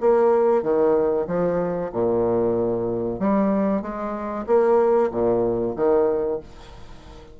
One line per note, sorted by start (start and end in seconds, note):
0.00 0.63 A#3
0.63 1.26 D#3
1.27 1.91 F3
1.92 3.20 A#2
3.20 3.82 G3
3.82 4.46 G#3
4.47 5.10 A#3
5.11 5.75 A#2
5.76 6.40 D#3